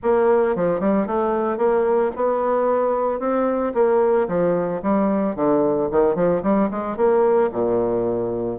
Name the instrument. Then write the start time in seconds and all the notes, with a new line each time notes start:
bassoon
0.03 A#3
0.55 F3
0.80 G3
1.06 A3
1.57 A#3
2.16 B3
3.19 C4
3.74 A#3
4.27 F3
4.82 G3
5.35 D3
5.91 D#3
6.15 F3
6.42 G3
6.70 G#3
6.96 A#3
7.51 A#2